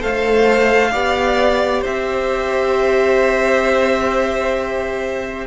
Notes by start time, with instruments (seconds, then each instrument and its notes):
0.00 cello A3, viola A4, violin C5 F5
0.91 cello B3, viola G4, violin D5
1.81 cello C4, violin C5 E5